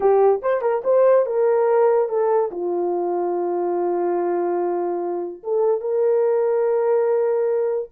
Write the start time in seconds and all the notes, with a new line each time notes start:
0.00 G4
0.42 C5
0.61 A#4
0.84 C5
1.26 A#4
2.08 A4
2.51 F4
5.43 A4
5.80 A#4